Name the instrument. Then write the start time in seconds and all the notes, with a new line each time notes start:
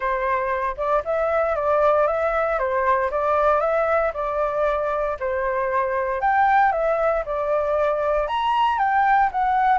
flute
0.00 C5
0.77 D5
1.05 E5
1.55 D5
2.07 E5
2.58 C5
3.10 D5
3.60 E5
4.13 D5
5.19 C5
6.20 G5
6.72 E5
7.25 D5
8.27 A#5
8.78 G5
9.32 F#5